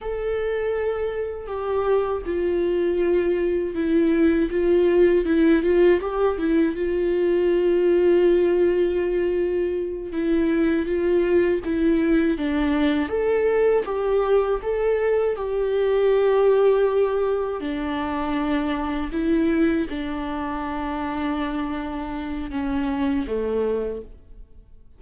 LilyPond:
\new Staff \with { instrumentName = "viola" } { \time 4/4 \tempo 4 = 80 a'2 g'4 f'4~ | f'4 e'4 f'4 e'8 f'8 | g'8 e'8 f'2.~ | f'4. e'4 f'4 e'8~ |
e'8 d'4 a'4 g'4 a'8~ | a'8 g'2. d'8~ | d'4. e'4 d'4.~ | d'2 cis'4 a4 | }